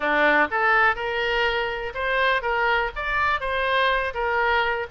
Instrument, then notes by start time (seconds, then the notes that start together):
oboe
0.00 D4
0.50 A4
0.95 A#4
1.94 C5
2.41 A#4
2.95 D5
3.40 C5
4.13 A#4